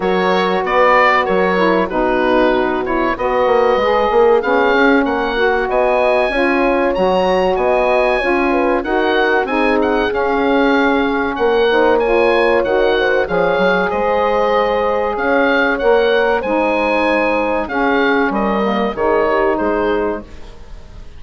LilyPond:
<<
  \new Staff \with { instrumentName = "oboe" } { \time 4/4 \tempo 4 = 95 cis''4 d''4 cis''4 b'4~ | b'8 cis''8 dis''2 f''4 | fis''4 gis''2 ais''4 | gis''2 fis''4 gis''8 fis''8 |
f''2 fis''4 gis''4 | fis''4 f''4 dis''2 | f''4 fis''4 gis''2 | f''4 dis''4 cis''4 c''4 | }
  \new Staff \with { instrumentName = "horn" } { \time 4/4 ais'4 b'4 ais'4 fis'4~ | fis'4 b'4. ais'8 gis'4 | ais'4 dis''4 cis''2 | dis''4 cis''8 b'8 ais'4 gis'4~ |
gis'2 ais'8 c''8 cis''4~ | cis''8 c''8 cis''4 c''2 | cis''2 c''2 | gis'4 ais'4 gis'8 g'8 gis'4 | }
  \new Staff \with { instrumentName = "saxophone" } { \time 4/4 fis'2~ fis'8 e'8 dis'4~ | dis'8 e'8 fis'4 gis'4 cis'4~ | cis'8 fis'4. f'4 fis'4~ | fis'4 f'4 fis'4 dis'4 |
cis'2~ cis'8 dis'8 f'4 | fis'4 gis'2.~ | gis'4 ais'4 dis'2 | cis'4. ais8 dis'2 | }
  \new Staff \with { instrumentName = "bassoon" } { \time 4/4 fis4 b4 fis4 b,4~ | b,4 b8 ais8 gis8 ais8 b8 cis'8 | ais4 b4 cis'4 fis4 | b4 cis'4 dis'4 c'4 |
cis'2 ais2 | dis4 f8 fis8 gis2 | cis'4 ais4 gis2 | cis'4 g4 dis4 gis4 | }
>>